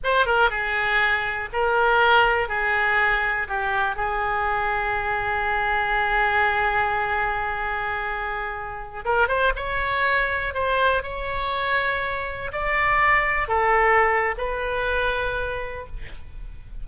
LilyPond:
\new Staff \with { instrumentName = "oboe" } { \time 4/4 \tempo 4 = 121 c''8 ais'8 gis'2 ais'4~ | ais'4 gis'2 g'4 | gis'1~ | gis'1~ |
gis'2~ gis'16 ais'8 c''8 cis''8.~ | cis''4~ cis''16 c''4 cis''4.~ cis''16~ | cis''4~ cis''16 d''2 a'8.~ | a'4 b'2. | }